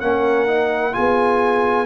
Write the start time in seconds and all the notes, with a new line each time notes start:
0.00 A#3 C#4 A#4 F#5
0.46 D#4
0.92 B3 F4 G#4 G#5